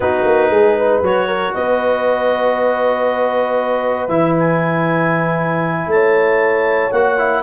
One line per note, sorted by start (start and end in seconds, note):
0.00 0.23 B3
0.00 1.03 D#4
0.00 0.51 F#4
0.00 0.99 B4
0.25 0.50 A#3
0.50 1.01 G#3
0.50 0.77 G#4
0.78 1.27 B4
1.02 1.53 F#3
1.02 4.09 F#4
1.02 1.54 C#5
1.27 1.52 A#4
1.54 4.08 B3
1.54 5.90 B4
1.54 4.07 D#5
4.07 5.86 E3
4.07 6.91 E4
4.07 4.33 E5
4.39 5.91 G#5
5.86 6.89 A3
5.86 6.91 A5
5.92 7.42 C#5
6.91 7.42 A#3
6.91 7.18 F#4
6.91 7.42 F#5
7.18 7.42 E4